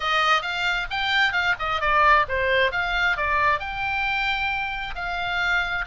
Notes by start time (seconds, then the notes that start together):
0.00 D#5
0.42 F5
0.90 G5
1.32 F5
1.59 D#5
1.80 D5
2.28 C5
2.71 F5
3.16 D5
3.59 G5
4.95 F5